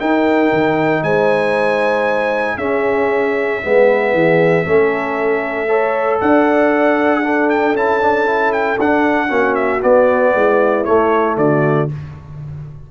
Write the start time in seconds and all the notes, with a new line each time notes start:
0.00 D#4 A#4 G5
0.52 D#3
1.03 G#3 C5 G#5
2.57 C#4 G#4 E5
3.62 G#3 B3 B4
4.13 E3 G#4
4.65 A3 C#4 A4
5.68 A4 C#5
6.20 D4 D5 F#5
7.23 D4 A4
7.50 G5
7.73 C#4 E4 A5
8.01 D4
8.26 E4
8.52 G5
8.79 D4 F#5
9.28 A#3 C#4 F#4
9.55 E5
9.82 B3 D5
10.34 G#3 E4
10.84 A3 C#5
11.37 D3 F#4 D5